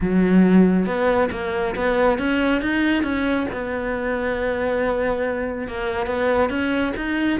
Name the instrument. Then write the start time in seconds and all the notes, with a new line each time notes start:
cello
0.00 F#3
0.86 B3
1.31 A#3
1.75 B3
2.18 C#4
2.61 D#4
3.03 C#4
3.52 B3
5.68 A#3
6.06 B3
6.49 C#4
6.96 D#4